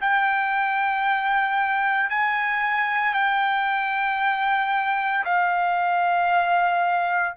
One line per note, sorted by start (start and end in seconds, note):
0.00 2.09 G5
2.09 3.13 G#5
3.13 5.24 G5
5.24 7.34 F5